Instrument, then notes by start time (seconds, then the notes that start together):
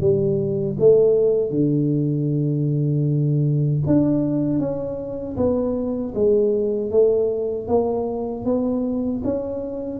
tuba
0.00 G3
0.79 A3
1.50 D3
3.86 D4
4.59 C#4
5.36 B3
6.15 G#3
6.91 A3
7.68 A#3
8.45 B3
9.24 C#4